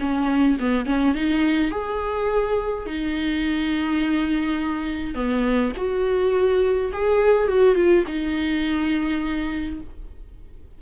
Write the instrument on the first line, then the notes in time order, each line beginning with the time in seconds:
viola
0.00 C#4
0.60 B3
0.86 C#4
1.15 D#4
1.71 G#4
2.86 D#4
5.15 B3
5.77 F#4
6.93 G#4
7.48 F#4
7.76 F4
8.07 D#4